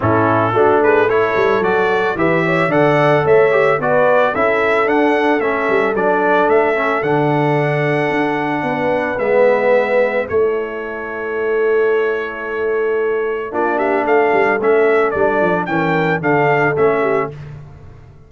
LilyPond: <<
  \new Staff \with { instrumentName = "trumpet" } { \time 4/4 \tempo 4 = 111 a'4. b'8 cis''4 d''4 | e''4 fis''4 e''4 d''4 | e''4 fis''4 e''4 d''4 | e''4 fis''2.~ |
fis''4 e''2 cis''4~ | cis''1~ | cis''4 d''8 e''8 f''4 e''4 | d''4 g''4 f''4 e''4 | }
  \new Staff \with { instrumentName = "horn" } { \time 4/4 e'4 fis'8 gis'8 a'2 | b'8 cis''8 d''4 cis''4 b'4 | a'1~ | a'1 |
b'2. a'4~ | a'1~ | a'4 f'8 g'8 a'2~ | a'4 ais'4 a'4. g'8 | }
  \new Staff \with { instrumentName = "trombone" } { \time 4/4 cis'4 d'4 e'4 fis'4 | g'4 a'4. g'8 fis'4 | e'4 d'4 cis'4 d'4~ | d'8 cis'8 d'2.~ |
d'4 b2 e'4~ | e'1~ | e'4 d'2 cis'4 | d'4 cis'4 d'4 cis'4 | }
  \new Staff \with { instrumentName = "tuba" } { \time 4/4 a,4 a4. g8 fis4 | e4 d4 a4 b4 | cis'4 d'4 a8 g8 fis4 | a4 d2 d'4 |
b4 gis2 a4~ | a1~ | a4 ais4 a8 g8 a4 | g8 f8 e4 d4 a4 | }
>>